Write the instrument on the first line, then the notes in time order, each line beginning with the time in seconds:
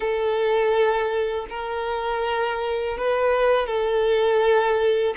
violin
0.00 A4
1.49 A#4
2.97 B4
3.66 A4